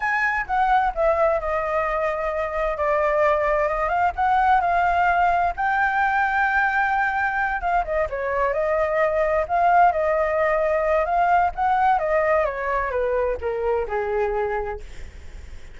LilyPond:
\new Staff \with { instrumentName = "flute" } { \time 4/4 \tempo 4 = 130 gis''4 fis''4 e''4 dis''4~ | dis''2 d''2 | dis''8 f''8 fis''4 f''2 | g''1~ |
g''8 f''8 dis''8 cis''4 dis''4.~ | dis''8 f''4 dis''2~ dis''8 | f''4 fis''4 dis''4 cis''4 | b'4 ais'4 gis'2 | }